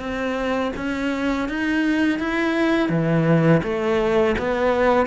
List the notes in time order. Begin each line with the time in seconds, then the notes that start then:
0.00 C4
0.77 C#4
1.49 D#4
2.19 E4
2.90 E3
3.64 A3
4.39 B3